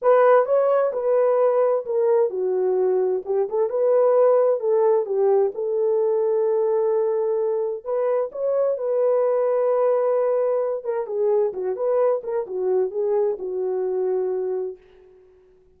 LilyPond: \new Staff \with { instrumentName = "horn" } { \time 4/4 \tempo 4 = 130 b'4 cis''4 b'2 | ais'4 fis'2 g'8 a'8 | b'2 a'4 g'4 | a'1~ |
a'4 b'4 cis''4 b'4~ | b'2.~ b'8 ais'8 | gis'4 fis'8 b'4 ais'8 fis'4 | gis'4 fis'2. | }